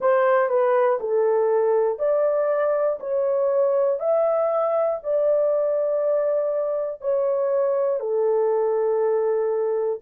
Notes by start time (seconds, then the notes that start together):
0.00 C5
0.49 B4
1.00 A4
1.98 D5
3.00 C#5
3.99 E5
5.03 D5
7.00 C#5
8.00 A4